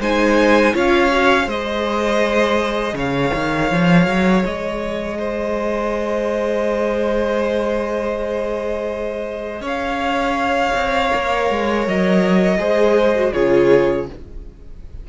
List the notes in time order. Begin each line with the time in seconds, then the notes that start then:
0.00 G#3 D#4 C5 G#5
0.73 C#4 F4 C#5 F5
1.12 F#4
1.46 G#3 G#4 C5 D#5
2.93 C#3 C#5 F5
3.34 D#3
3.71 F3
4.07 F#3
4.45 G#3 D#5
5.18 C5
9.60 C#4 C#5 F5
10.74 C4
11.10 A#3 A#4
11.50 G#3
11.87 F#3 D#5
12.58 G#3 G#4 C5
13.15 F#4
13.33 C#3 F4 G#4 C#5